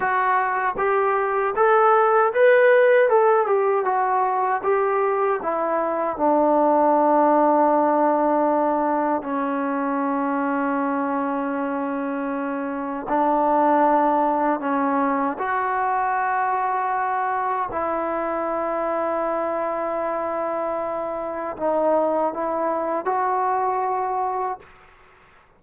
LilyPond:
\new Staff \with { instrumentName = "trombone" } { \time 4/4 \tempo 4 = 78 fis'4 g'4 a'4 b'4 | a'8 g'8 fis'4 g'4 e'4 | d'1 | cis'1~ |
cis'4 d'2 cis'4 | fis'2. e'4~ | e'1 | dis'4 e'4 fis'2 | }